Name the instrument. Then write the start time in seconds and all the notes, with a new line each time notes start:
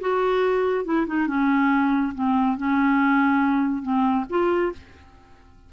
clarinet
0.00 F#4
0.84 E4
1.06 D#4
1.27 C#4
2.14 C4
2.57 C#4
3.82 C4
4.29 F4